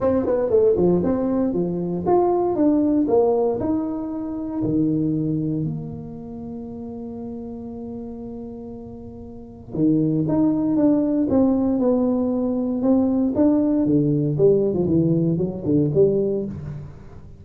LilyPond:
\new Staff \with { instrumentName = "tuba" } { \time 4/4 \tempo 4 = 117 c'8 b8 a8 f8 c'4 f4 | f'4 d'4 ais4 dis'4~ | dis'4 dis2 ais4~ | ais1~ |
ais2. dis4 | dis'4 d'4 c'4 b4~ | b4 c'4 d'4 d4 | g8. f16 e4 fis8 d8 g4 | }